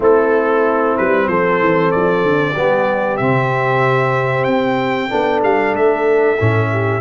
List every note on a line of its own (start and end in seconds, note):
0.00 0.96 A3
0.00 2.54 C4
0.00 1.28 E4
0.00 0.97 A4
0.97 1.28 G3
0.97 1.28 B4
1.28 1.59 F3
1.28 2.53 A4
1.28 1.91 C5
1.59 1.91 E3
1.91 2.23 F3
1.91 3.16 D5
2.23 2.55 D3
2.53 3.19 G3
2.53 3.19 B3
2.53 5.09 G4
3.16 4.46 C3
3.16 5.09 C4
3.16 4.44 E5
4.44 5.10 C4
4.44 5.39 G5
5.09 5.42 B3
5.09 6.37 D4
5.09 6.70 A4
5.42 5.73 G3
5.42 5.75 F5
5.73 6.37 A3
5.73 7.01 E5
6.39 7.01 A2
6.39 7.01 C#4
6.71 7.01 G4